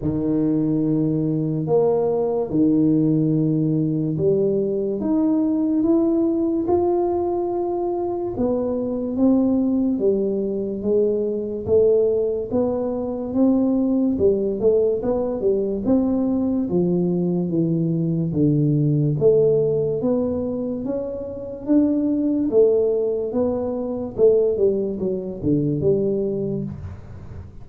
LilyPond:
\new Staff \with { instrumentName = "tuba" } { \time 4/4 \tempo 4 = 72 dis2 ais4 dis4~ | dis4 g4 dis'4 e'4 | f'2 b4 c'4 | g4 gis4 a4 b4 |
c'4 g8 a8 b8 g8 c'4 | f4 e4 d4 a4 | b4 cis'4 d'4 a4 | b4 a8 g8 fis8 d8 g4 | }